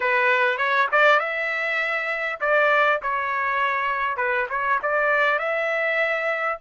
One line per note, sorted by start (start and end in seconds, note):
0.00 0.57 B4
0.57 0.87 C#5
0.91 1.19 D5
1.19 2.39 E5
2.40 3.00 D5
3.02 4.16 C#5
4.16 4.46 B4
4.49 4.79 C#5
4.82 5.38 D5
5.38 6.58 E5